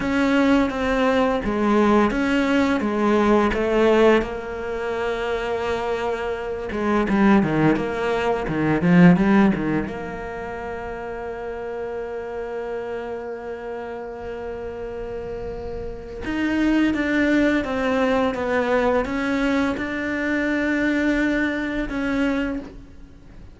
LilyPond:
\new Staff \with { instrumentName = "cello" } { \time 4/4 \tempo 4 = 85 cis'4 c'4 gis4 cis'4 | gis4 a4 ais2~ | ais4. gis8 g8 dis8 ais4 | dis8 f8 g8 dis8 ais2~ |
ais1~ | ais2. dis'4 | d'4 c'4 b4 cis'4 | d'2. cis'4 | }